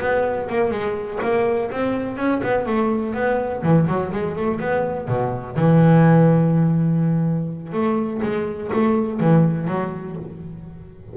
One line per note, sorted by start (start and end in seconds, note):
0.00 0.48 B3
0.49 0.71 A#3
0.71 1.19 G#3
1.23 1.71 A#3
1.71 2.17 C4
2.17 2.41 C#4
2.43 2.66 B3
2.66 3.14 A3
3.14 3.62 B3
3.63 3.87 E3
3.88 4.12 F#3
4.12 4.36 G#3
4.36 4.60 A3
4.60 5.08 B3
5.08 5.56 B2
5.56 7.73 E3
7.73 8.21 A3
8.23 8.71 G#3
8.73 9.20 A3
9.20 9.68 E3
9.68 10.16 F#3